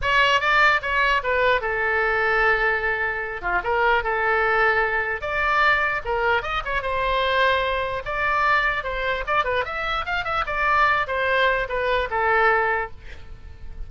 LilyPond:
\new Staff \with { instrumentName = "oboe" } { \time 4/4 \tempo 4 = 149 cis''4 d''4 cis''4 b'4 | a'1~ | a'8 f'8 ais'4 a'2~ | a'4 d''2 ais'4 |
dis''8 cis''8 c''2. | d''2 c''4 d''8 b'8 | e''4 f''8 e''8 d''4. c''8~ | c''4 b'4 a'2 | }